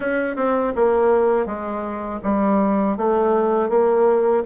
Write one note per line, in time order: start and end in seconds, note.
0.00 0.36 C#4
0.36 0.73 C4
0.75 1.46 A#3
1.46 2.20 G#3
2.23 2.97 G3
2.97 3.69 A3
3.69 4.43 A#3